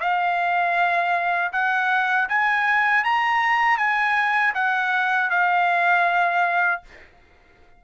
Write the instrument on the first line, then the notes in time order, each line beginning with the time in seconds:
trumpet
0.00 F5
1.53 F#5
2.29 G#5
3.04 A#5
3.78 G#5
4.54 F#5
5.30 F5